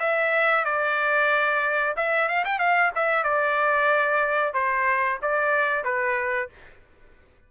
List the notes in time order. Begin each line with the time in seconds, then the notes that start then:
0.00 E5
0.65 D5
1.97 E5
2.29 F5
2.45 G5
2.59 F5
2.96 E5
3.24 D5
4.54 C5
5.23 D5
5.85 B4